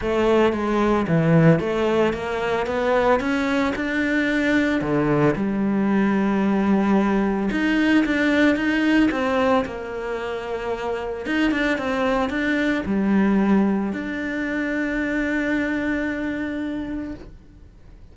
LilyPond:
\new Staff \with { instrumentName = "cello" } { \time 4/4 \tempo 4 = 112 a4 gis4 e4 a4 | ais4 b4 cis'4 d'4~ | d'4 d4 g2~ | g2 dis'4 d'4 |
dis'4 c'4 ais2~ | ais4 dis'8 d'8 c'4 d'4 | g2 d'2~ | d'1 | }